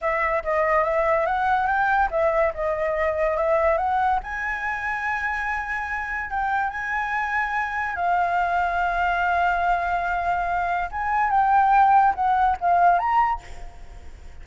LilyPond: \new Staff \with { instrumentName = "flute" } { \time 4/4 \tempo 4 = 143 e''4 dis''4 e''4 fis''4 | g''4 e''4 dis''2 | e''4 fis''4 gis''2~ | gis''2. g''4 |
gis''2. f''4~ | f''1~ | f''2 gis''4 g''4~ | g''4 fis''4 f''4 ais''4 | }